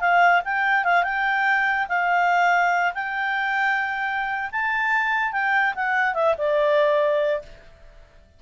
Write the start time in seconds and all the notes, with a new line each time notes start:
0.00 F5
0.45 G5
0.84 F5
1.03 G5
1.88 F5
2.94 G5
4.52 A5
5.32 G5
5.75 F#5
6.14 E5
6.38 D5